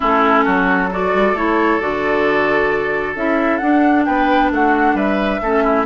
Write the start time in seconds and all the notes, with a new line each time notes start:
0.00 A3 C#4 E4 A4
0.45 F#3 F#4
0.90 F#4 A4 D5
1.14 G3
1.32 A3 E4 C#5
1.79 D3 F#4 D5
3.15 C#4 E4 E5
3.57 D4 F#5
4.05 B3 B4 G5
4.50 A3 F#4 F#5
4.94 G3 B4 E5
5.41 A3 C#4 A4
5.63 E4